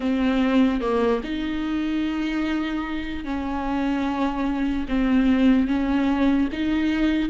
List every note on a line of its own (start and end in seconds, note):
0.00 0.80 C4
0.80 1.21 A#3
1.23 3.24 D#4
3.24 4.86 C#4
4.88 5.67 C4
5.67 6.48 C#4
6.52 7.29 D#4